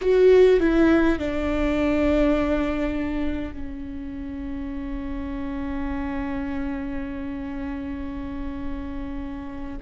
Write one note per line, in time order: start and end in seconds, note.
0.01 0.59 F#4
0.59 1.18 E4
1.18 3.53 D4
3.53 9.77 C#4